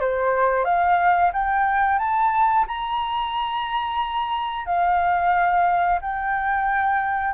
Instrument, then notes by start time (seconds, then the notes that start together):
flute
0.00 C5
0.64 F5
1.33 G5
1.98 A5
2.67 A#5
4.65 F5
6.01 G5